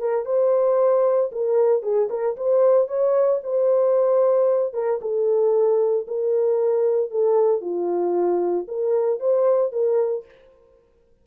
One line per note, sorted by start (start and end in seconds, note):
0.00 0.26 A#4
0.26 1.31 C5
1.32 1.83 A#4
1.83 2.09 G#4
2.10 2.36 A#4
2.37 2.88 C5
2.88 3.41 C#5
3.44 4.74 C5
4.74 5.00 A#4
5.01 6.07 A4
6.08 7.11 A#4
7.11 7.61 A4
7.61 8.67 F4
8.68 9.20 A#4
9.20 9.72 C5
9.72 10.25 A#4